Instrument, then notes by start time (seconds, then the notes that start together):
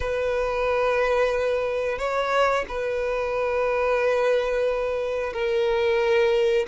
violin
0.00 B4
1.98 C#5
2.68 B4
5.33 A#4